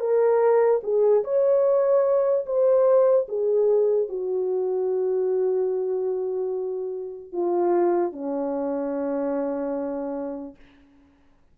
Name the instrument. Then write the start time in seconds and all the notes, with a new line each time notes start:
horn
0.00 A#4
0.83 G#4
1.24 C#5
2.46 C5
3.28 G#4
4.09 F#4
7.32 F4
8.12 C#4